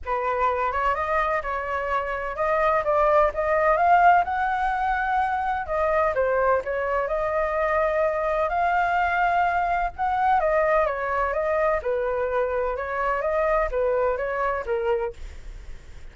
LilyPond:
\new Staff \with { instrumentName = "flute" } { \time 4/4 \tempo 4 = 127 b'4. cis''8 dis''4 cis''4~ | cis''4 dis''4 d''4 dis''4 | f''4 fis''2. | dis''4 c''4 cis''4 dis''4~ |
dis''2 f''2~ | f''4 fis''4 dis''4 cis''4 | dis''4 b'2 cis''4 | dis''4 b'4 cis''4 ais'4 | }